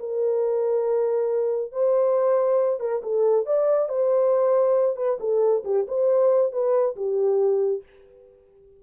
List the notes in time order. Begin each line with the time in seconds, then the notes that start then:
0.00 A#4
1.73 C5
2.81 A#4
3.03 A4
3.47 D5
3.89 C5
4.97 B4
5.21 A4
5.65 G4
5.88 C5
6.53 B4
6.96 G4